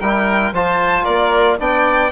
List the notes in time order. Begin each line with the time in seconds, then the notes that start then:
0.00 G3 E4 A#4 G5
0.52 F3 F4 C5 A5
1.04 A#3 A#4 D5
1.59 B3 D4 D5 G5